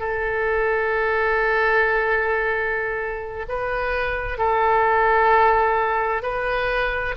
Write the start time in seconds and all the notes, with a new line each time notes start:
0.00 A4
3.49 B4
4.38 A4
6.23 B4